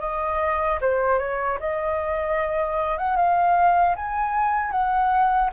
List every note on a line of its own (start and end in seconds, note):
0.00 0.79 D#5
0.81 1.19 C5
1.19 1.58 C#5
1.60 2.98 D#5
2.98 3.17 F#5
3.17 3.95 F5
3.96 4.72 G#5
4.72 5.50 F#5